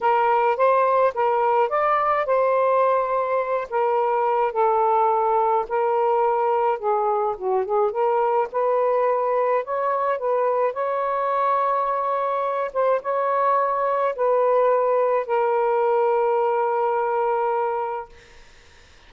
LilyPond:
\new Staff \with { instrumentName = "saxophone" } { \time 4/4 \tempo 4 = 106 ais'4 c''4 ais'4 d''4 | c''2~ c''8 ais'4. | a'2 ais'2 | gis'4 fis'8 gis'8 ais'4 b'4~ |
b'4 cis''4 b'4 cis''4~ | cis''2~ cis''8 c''8 cis''4~ | cis''4 b'2 ais'4~ | ais'1 | }